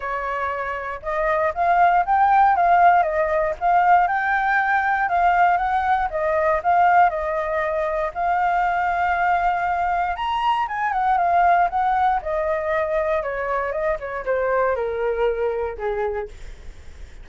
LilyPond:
\new Staff \with { instrumentName = "flute" } { \time 4/4 \tempo 4 = 118 cis''2 dis''4 f''4 | g''4 f''4 dis''4 f''4 | g''2 f''4 fis''4 | dis''4 f''4 dis''2 |
f''1 | ais''4 gis''8 fis''8 f''4 fis''4 | dis''2 cis''4 dis''8 cis''8 | c''4 ais'2 gis'4 | }